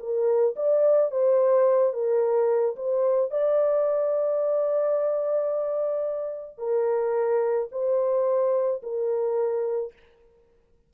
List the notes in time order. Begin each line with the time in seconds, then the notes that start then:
0.00 A#4
0.56 D5
1.11 C5
1.93 A#4
2.76 C5
3.31 D5
6.58 A#4
7.72 C5
8.83 A#4